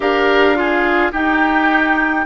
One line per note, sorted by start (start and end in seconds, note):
0.00 1.12 D4
0.00 0.55 G4
0.00 0.57 A#4
0.00 1.13 F5
0.55 1.12 F4
0.55 1.12 G#4
1.12 2.25 D#4
1.12 2.25 G4
1.12 2.25 G5